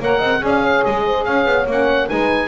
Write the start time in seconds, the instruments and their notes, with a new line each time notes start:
0.00 double bass A#3, saxophone A#4, horn C#5, oboe F#5
0.19 double bass C4, horn D#5
0.40 double bass C#4, saxophone G#4, horn D5
0.48 oboe F5
0.62 horn C#5
0.85 double bass G#3, oboe D#5
1.06 horn C5
1.25 double bass C#4, horn C#5, oboe F5
1.45 double bass B3
1.66 double bass A#3, saxophone C#4, oboe F#5
2.09 double bass G#3, saxophone D#4, horn B4, oboe G#5